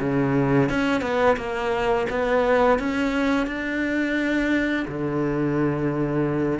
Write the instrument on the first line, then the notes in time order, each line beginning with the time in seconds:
cello
0.00 C#3
0.69 C#4
1.01 B3
1.37 A#3
2.10 B3
2.79 C#4
3.47 D4
4.87 D3